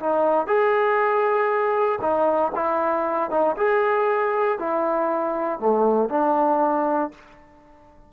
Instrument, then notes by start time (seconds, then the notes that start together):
trombone
0.00 D#4
0.47 G#4
2.01 D#4
2.55 E4
3.30 D#4
3.57 G#4
4.59 E4
5.59 A3
6.09 D4